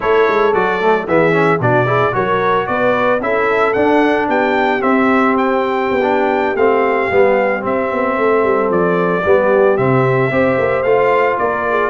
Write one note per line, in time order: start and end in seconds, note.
0.00 0.28 A3
0.00 0.53 E4
0.00 1.07 A4
0.00 0.53 C#5
0.28 0.54 G#3
0.53 1.07 F#3
0.53 0.80 F#4
0.53 1.07 D5
0.80 1.07 A3
1.07 1.60 E3
1.07 1.31 B3
1.07 1.60 G#4
1.07 1.61 E5
1.31 1.58 C#4
1.60 2.14 B2
1.60 1.86 D4
1.60 1.86 F#4
1.60 2.14 D5
1.86 2.12 E4
1.86 2.13 G#4
2.12 2.67 F#3
2.12 3.19 F#4
2.12 2.69 A#4
2.12 2.67 C#5
2.67 3.20 B3
2.67 3.23 B4
2.67 3.20 D5
3.20 3.74 C#4
3.20 3.75 E4
3.20 4.28 A4
3.20 3.73 E5
3.73 4.80 D4
3.73 4.28 D4
3.73 4.27 F#5
4.28 4.81 B3
4.28 8.17 G4
4.28 4.82 G5
4.80 6.00 C4
4.80 5.90 C4
4.80 5.35 E5
5.37 6.56 G5
5.90 6.55 B3
6.02 6.56 D4
6.55 7.08 A3
6.55 7.10 C4
6.55 7.63 F5
7.10 7.64 G3
7.10 7.60 B3
7.60 9.21 C4
7.60 7.91 C4
7.60 8.71 E5
7.91 8.17 B3
8.17 8.43 A3
8.17 9.25 A4
8.43 8.70 G3
8.70 9.23 F3
8.70 9.77 D5
9.25 9.78 G3
9.25 9.77 B3
9.25 10.32 G4
9.77 10.30 C3
9.77 10.31 C4
9.77 10.83 E5
10.30 10.57 C4
10.30 10.84 G4
10.30 11.39 C5
10.58 10.83 A#3
10.83 11.37 A3
10.83 11.89 F4
10.83 11.36 F5
11.38 11.89 A#3
11.38 11.69 A#4
11.38 11.89 D5
11.69 11.89 G#4